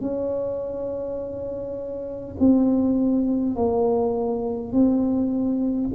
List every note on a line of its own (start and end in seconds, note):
0.00 2.35 C#4
2.39 3.55 C4
3.55 4.72 A#3
4.72 5.89 C4